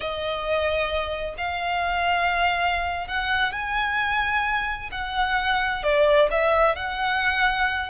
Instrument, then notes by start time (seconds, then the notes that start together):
violin
0.00 D#5
1.37 F5
3.07 F#5
3.52 G#5
4.91 F#5
5.83 D5
6.30 E5
6.75 F#5